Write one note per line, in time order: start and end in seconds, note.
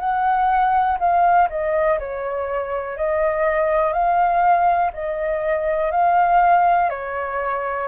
0.00 0.98 F#5
0.99 1.48 F5
1.50 1.99 D#5
1.99 2.97 C#5
2.97 3.93 D#5
3.93 4.91 F5
4.93 5.91 D#5
5.91 6.89 F5
6.89 7.88 C#5